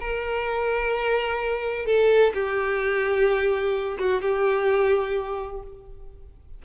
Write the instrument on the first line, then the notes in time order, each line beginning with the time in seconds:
violin
0.00 A#4
1.86 A4
2.34 G4
3.99 F#4
4.22 G4